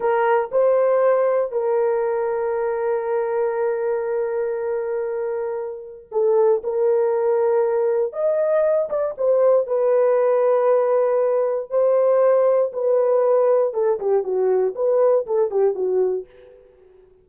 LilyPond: \new Staff \with { instrumentName = "horn" } { \time 4/4 \tempo 4 = 118 ais'4 c''2 ais'4~ | ais'1~ | ais'1 | a'4 ais'2. |
dis''4. d''8 c''4 b'4~ | b'2. c''4~ | c''4 b'2 a'8 g'8 | fis'4 b'4 a'8 g'8 fis'4 | }